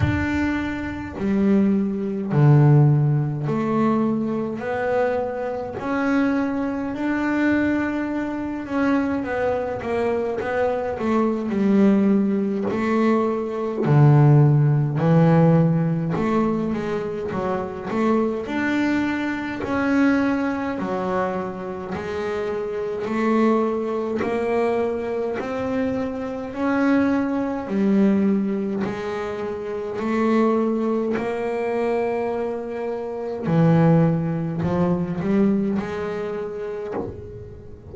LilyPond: \new Staff \with { instrumentName = "double bass" } { \time 4/4 \tempo 4 = 52 d'4 g4 d4 a4 | b4 cis'4 d'4. cis'8 | b8 ais8 b8 a8 g4 a4 | d4 e4 a8 gis8 fis8 a8 |
d'4 cis'4 fis4 gis4 | a4 ais4 c'4 cis'4 | g4 gis4 a4 ais4~ | ais4 e4 f8 g8 gis4 | }